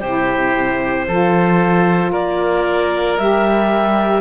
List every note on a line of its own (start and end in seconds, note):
0.00 1.07 C3
0.00 1.08 E4
0.00 1.05 G4
0.00 2.11 C5
1.07 2.12 F3
1.07 3.18 F4
1.07 2.11 A4
2.11 3.17 A#3
2.11 4.21 A#4
2.11 3.18 D5
3.18 4.21 G3
3.18 4.21 G4
3.18 4.21 E5